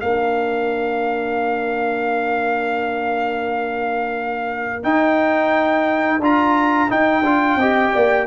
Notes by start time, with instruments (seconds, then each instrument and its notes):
0.00 tuba A#3, trombone D4, horn A#4, trumpet F5
4.83 tuba D#4, trombone D#4, trumpet G5
6.19 tuba D4, trombone F4, trumpet A#5
6.89 trombone D#4, tuba D#4, trumpet G5
7.21 tuba D4, trombone F4
7.55 tuba C4, trombone G4, horn D#5
7.93 tuba A#3, horn D5